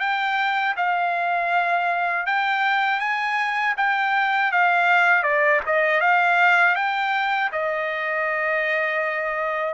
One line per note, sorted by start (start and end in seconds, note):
0.00 0.75 G5
0.77 2.26 F5
2.26 3.00 G5
3.00 3.75 G#5
3.77 4.52 G5
4.52 5.23 F5
5.23 5.60 D5
5.66 6.01 D#5
6.01 6.75 F5
6.75 7.50 G5
7.52 9.74 D#5